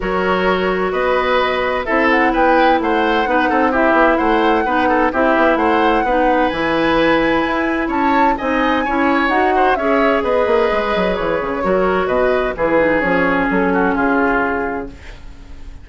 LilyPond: <<
  \new Staff \with { instrumentName = "flute" } { \time 4/4 \tempo 4 = 129 cis''2 dis''2 | e''8 fis''8 g''4 fis''2 | e''4 fis''2 e''4 | fis''2 gis''2~ |
gis''4 a''4 gis''2 | fis''4 e''4 dis''2 | cis''2 dis''4 b'4 | cis''4 a'4 gis'2 | }
  \new Staff \with { instrumentName = "oboe" } { \time 4/4 ais'2 b'2 | a'4 b'4 c''4 b'8 a'8 | g'4 c''4 b'8 a'8 g'4 | c''4 b'2.~ |
b'4 cis''4 dis''4 cis''4~ | cis''8 c''8 cis''4 b'2~ | b'4 ais'4 b'4 gis'4~ | gis'4. fis'8 f'2 | }
  \new Staff \with { instrumentName = "clarinet" } { \time 4/4 fis'1 | e'2. dis'4 | e'2 dis'4 e'4~ | e'4 dis'4 e'2~ |
e'2 dis'4 e'4 | fis'4 gis'2.~ | gis'4 fis'2 e'8 dis'8 | cis'1 | }
  \new Staff \with { instrumentName = "bassoon" } { \time 4/4 fis2 b2 | c'4 b4 a4 b8 c'8~ | c'8 b8 a4 b4 c'8 b8 | a4 b4 e2 |
e'4 cis'4 c'4 cis'4 | dis'4 cis'4 b8 ais8 gis8 fis8 | e8 cis8 fis4 b,4 e4 | f4 fis4 cis2 | }
>>